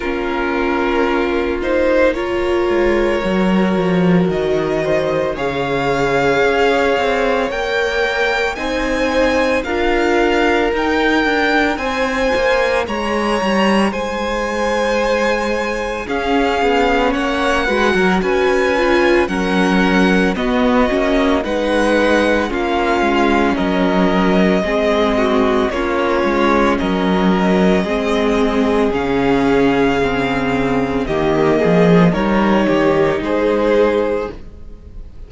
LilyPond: <<
  \new Staff \with { instrumentName = "violin" } { \time 4/4 \tempo 4 = 56 ais'4. c''8 cis''2 | dis''4 f''2 g''4 | gis''4 f''4 g''4 gis''4 | ais''4 gis''2 f''4 |
fis''4 gis''4 fis''4 dis''4 | fis''4 f''4 dis''2 | cis''4 dis''2 f''4~ | f''4 dis''4 cis''4 c''4 | }
  \new Staff \with { instrumentName = "violin" } { \time 4/4 f'2 ais'2~ | ais'8 c''8 cis''2. | c''4 ais'2 c''4 | cis''4 c''2 gis'4 |
cis''8 b'16 ais'16 b'4 ais'4 fis'4 | b'4 f'4 ais'4 gis'8 fis'8 | f'4 ais'4 gis'2~ | gis'4 g'8 gis'8 ais'8 g'8 gis'4 | }
  \new Staff \with { instrumentName = "viola" } { \time 4/4 cis'4. dis'8 f'4 fis'4~ | fis'4 gis'2 ais'4 | dis'4 f'4 dis'2~ | dis'2. cis'4~ |
cis'8 fis'4 f'8 cis'4 b8 cis'8 | dis'4 cis'2 c'4 | cis'2 c'4 cis'4 | c'4 ais4 dis'2 | }
  \new Staff \with { instrumentName = "cello" } { \time 4/4 ais2~ ais8 gis8 fis8 f8 | dis4 cis4 cis'8 c'8 ais4 | c'4 d'4 dis'8 d'8 c'8 ais8 | gis8 g8 gis2 cis'8 b8 |
ais8 gis16 fis16 cis'4 fis4 b8 ais8 | gis4 ais8 gis8 fis4 gis4 | ais8 gis8 fis4 gis4 cis4~ | cis4 dis8 f8 g8 dis8 gis4 | }
>>